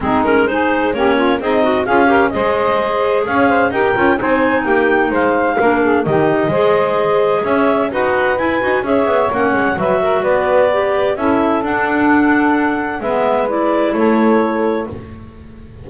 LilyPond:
<<
  \new Staff \with { instrumentName = "clarinet" } { \time 4/4 \tempo 4 = 129 gis'8 ais'8 c''4 cis''4 dis''4 | f''4 dis''2 f''4 | g''4 gis''4 g''4 f''4~ | f''4 dis''2. |
e''4 fis''4 gis''4 e''4 | fis''4 e''4 d''2 | e''4 fis''2. | e''4 d''4 cis''2 | }
  \new Staff \with { instrumentName = "saxophone" } { \time 4/4 dis'4 gis'4 g'8 f'8 dis'4 | gis'8 ais'8 c''2 cis''8 c''8 | ais'4 c''4 g'4 c''4 | ais'8 gis'8 g'4 c''2 |
cis''4 b'2 cis''4~ | cis''4 b'8 ais'8 b'2 | a'1 | b'2 a'2 | }
  \new Staff \with { instrumentName = "clarinet" } { \time 4/4 c'8 cis'8 dis'4 cis'4 gis'8 fis'8 | f'8 g'8 gis'2. | g'8 f'8 dis'2. | d'4 dis'4 gis'2~ |
gis'4 fis'4 e'8 fis'8 gis'4 | cis'4 fis'2 g'4 | e'4 d'2. | b4 e'2. | }
  \new Staff \with { instrumentName = "double bass" } { \time 4/4 gis2 ais4 c'4 | cis'4 gis2 cis'4 | dis'8 cis'8 c'4 ais4 gis4 | ais4 dis4 gis2 |
cis'4 dis'4 e'8 dis'8 cis'8 b8 | ais8 gis8 fis4 b2 | cis'4 d'2. | gis2 a2 | }
>>